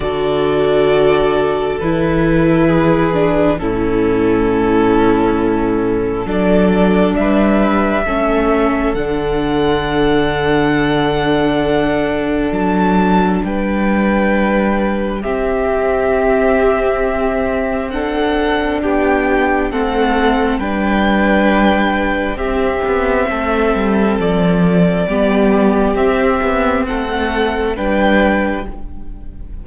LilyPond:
<<
  \new Staff \with { instrumentName = "violin" } { \time 4/4 \tempo 4 = 67 d''2 b'2 | a'2. d''4 | e''2 fis''2~ | fis''2 a''4 g''4~ |
g''4 e''2. | fis''4 g''4 fis''4 g''4~ | g''4 e''2 d''4~ | d''4 e''4 fis''4 g''4 | }
  \new Staff \with { instrumentName = "violin" } { \time 4/4 a'2. gis'4 | e'2. a'4 | b'4 a'2.~ | a'2. b'4~ |
b'4 g'2. | a'4 g'4 a'4 b'4~ | b'4 g'4 a'2 | g'2 a'4 b'4 | }
  \new Staff \with { instrumentName = "viola" } { \time 4/4 fis'2 e'4. d'8 | cis'2. d'4~ | d'4 cis'4 d'2~ | d'1~ |
d'4 c'2. | d'2 c'4 d'4~ | d'4 c'2. | b4 c'2 d'4 | }
  \new Staff \with { instrumentName = "cello" } { \time 4/4 d2 e2 | a,2. fis4 | g4 a4 d2~ | d2 fis4 g4~ |
g4 c'2.~ | c'4 b4 a4 g4~ | g4 c'8 b8 a8 g8 f4 | g4 c'8 b8 a4 g4 | }
>>